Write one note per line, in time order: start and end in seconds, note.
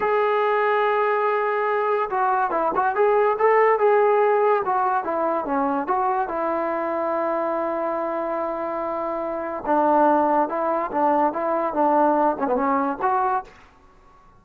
0.00 2.09 G#4
2.10 2.50 F#4
2.50 2.71 E4
2.75 2.95 F#4
2.95 3.37 G#4
3.38 3.78 A4
3.78 4.62 G#4
4.65 5.03 F#4
5.03 5.45 E4
5.45 5.87 C#4
5.87 6.28 F#4
6.28 9.64 E4
9.66 10.48 D4
10.48 10.90 E4
10.91 11.32 D4
11.32 11.73 E4
11.73 12.36 D4
12.39 12.47 C#4
12.47 12.55 B3
12.55 12.97 C#4
13.02 13.44 F#4